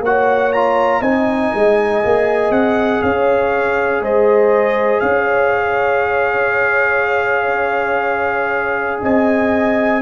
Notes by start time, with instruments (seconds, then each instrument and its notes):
0.00 tuba A#3, trombone F#4, horn C#5, trumpet F#5
0.52 trombone F4, trumpet A#5
1.01 tuba C4, trombone D#4, horn D#5, trumpet G#5
1.54 tuba G#3
2.03 tuba A#3, trombone G#4
2.50 tuba C4, trumpet F#5
3.02 tuba C#4, horn C#5, trumpet F5
4.01 tuba G#3, horn C5, trumpet D#5
5.00 tuba C#4, horn C#5, trumpet F5
9.01 tuba C4, horn D#5, trumpet G#5